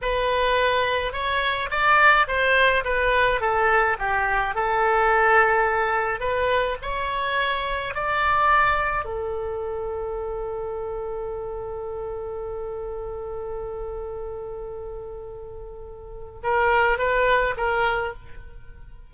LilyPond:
\new Staff \with { instrumentName = "oboe" } { \time 4/4 \tempo 4 = 106 b'2 cis''4 d''4 | c''4 b'4 a'4 g'4 | a'2. b'4 | cis''2 d''2 |
a'1~ | a'1~ | a'1~ | a'4 ais'4 b'4 ais'4 | }